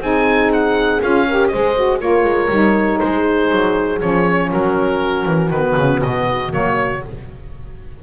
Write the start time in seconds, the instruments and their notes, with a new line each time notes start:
0.00 double bass C4, saxophone D#4, horn G#4, oboe G#5
0.53 oboe F#5
1.02 double bass C#4, saxophone F4, oboe F5
1.28 saxophone G4, horn A#4
1.48 double bass G#3, saxophone G#4, horn C5, oboe D#5
1.76 saxophone F#4
2.00 double bass A#3, saxophone F4, horn A#4, oboe C#5
2.24 double bass G#3
2.50 double bass G3, saxophone D#4
2.99 double bass G#3, horn G#4, oboe C5
3.51 double bass F#3
4.00 double bass F3, saxophone C#4, oboe C#5
4.51 double bass F#3, horn F#4, oboe A#4
5.25 double bass E3
5.50 double bass D#3, saxophone B3, oboe B4
5.78 double bass C#3
6.02 double bass B2, oboe D#5
6.49 double bass F#3, saxophone A#3, oboe C#5